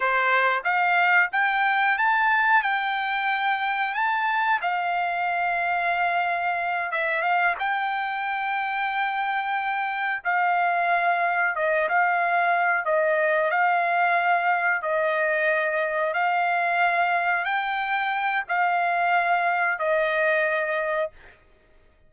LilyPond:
\new Staff \with { instrumentName = "trumpet" } { \time 4/4 \tempo 4 = 91 c''4 f''4 g''4 a''4 | g''2 a''4 f''4~ | f''2~ f''8 e''8 f''8 g''8~ | g''2.~ g''8 f''8~ |
f''4. dis''8 f''4. dis''8~ | dis''8 f''2 dis''4.~ | dis''8 f''2 g''4. | f''2 dis''2 | }